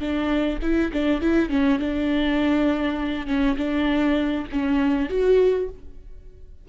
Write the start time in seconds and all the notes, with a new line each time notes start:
0.00 D4
0.62 E4
0.93 D4
1.22 E4
1.50 C#4
1.80 D4
3.27 C#4
3.57 D4
4.52 C#4
5.10 F#4